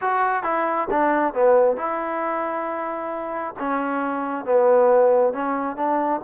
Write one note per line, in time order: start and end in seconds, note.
0.01 0.43 F#4
0.43 0.87 E4
0.90 1.34 D4
1.34 1.76 B3
1.76 3.54 E4
3.59 4.45 C#4
4.45 5.33 B3
5.33 5.76 C#4
5.76 6.20 D4